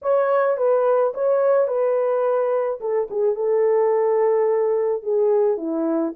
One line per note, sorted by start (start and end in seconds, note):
0.02 0.57 C#5
0.57 1.13 B4
1.14 1.67 C#5
1.67 2.79 B4
2.80 3.08 A4
3.10 3.35 G#4
3.35 5.02 A4
5.02 5.57 G#4
5.57 6.13 E4